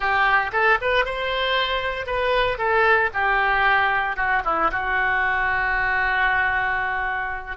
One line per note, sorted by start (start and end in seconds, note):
0.00 0.51 G4
0.52 0.78 A4
0.81 1.05 B4
1.05 2.06 C5
2.06 2.58 B4
2.58 3.10 A4
3.13 4.16 G4
4.16 4.42 F#4
4.44 4.71 E4
4.71 7.57 F#4